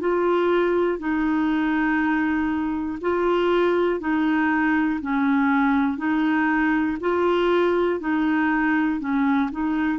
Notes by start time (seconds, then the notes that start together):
0.00 F4
0.98 D#4
3.01 F4
4.00 D#4
5.01 C#4
5.97 D#4
7.00 F4
8.00 D#4
9.00 C#4
9.51 D#4